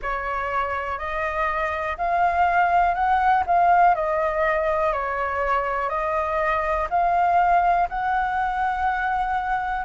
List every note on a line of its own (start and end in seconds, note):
0.01 0.98 C#5
0.98 1.96 D#5
1.97 2.94 F5
2.94 3.43 F#5
3.46 3.94 F5
3.94 4.92 D#5
4.92 5.89 C#5
5.89 6.87 D#5
6.89 7.88 F5
7.89 9.85 F#5